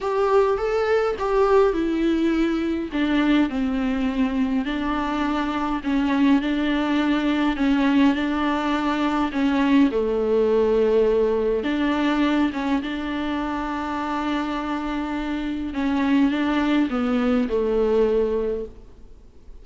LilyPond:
\new Staff \with { instrumentName = "viola" } { \time 4/4 \tempo 4 = 103 g'4 a'4 g'4 e'4~ | e'4 d'4 c'2 | d'2 cis'4 d'4~ | d'4 cis'4 d'2 |
cis'4 a2. | d'4. cis'8 d'2~ | d'2. cis'4 | d'4 b4 a2 | }